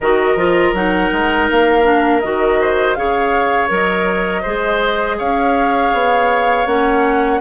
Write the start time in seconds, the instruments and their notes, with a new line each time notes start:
0.00 bassoon D#3, clarinet F#4, oboe A#4, flute D#5
0.35 bassoon F3, clarinet F4
0.72 bassoon F#3, clarinet D#4, flute F#5
1.12 bassoon G#3
1.50 bassoon A#3, flute F5
1.83 clarinet D4
2.20 bassoon D#3, clarinet F#4, flute D#5
2.60 oboe C5
2.94 bassoon C#3, clarinet G#4, oboe C#5, flute F5
3.68 bassoon F#3, clarinet A#4, flute D#5
4.42 bassoon G#3, clarinet G#4, oboe C5
5.18 bassoon C#4, oboe C#5, flute F5
5.92 bassoon B3
6.65 bassoon A#3, clarinet C#4, flute F#5